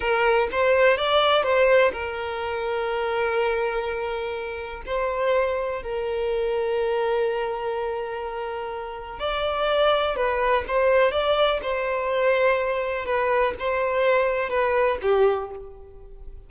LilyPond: \new Staff \with { instrumentName = "violin" } { \time 4/4 \tempo 4 = 124 ais'4 c''4 d''4 c''4 | ais'1~ | ais'2 c''2 | ais'1~ |
ais'2. d''4~ | d''4 b'4 c''4 d''4 | c''2. b'4 | c''2 b'4 g'4 | }